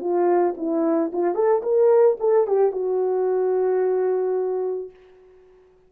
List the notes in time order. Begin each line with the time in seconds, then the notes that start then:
0.00 F4
0.57 E4
1.12 F4
1.35 A4
1.63 A#4
2.19 A4
2.47 G4
2.72 F#4